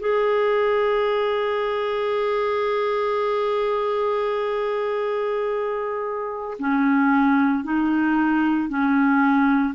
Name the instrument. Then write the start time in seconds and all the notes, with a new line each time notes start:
clarinet
0.00 G#4
6.59 C#4
7.64 D#4
8.69 C#4